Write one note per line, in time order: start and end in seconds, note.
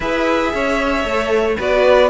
0.00 0.53 E4
0.00 1.04 G#4
0.00 0.52 B4
0.00 1.58 E5
0.53 1.04 C#4
0.53 1.57 C#5
1.04 1.56 A3
1.04 1.57 A4
1.57 2.10 B3
1.57 2.10 F#4
1.57 2.10 B4
1.57 2.10 D5